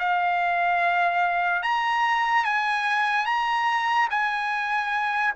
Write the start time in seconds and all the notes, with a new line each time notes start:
0.00 F5
1.63 A#5
2.45 G#5
3.27 A#5
4.11 G#5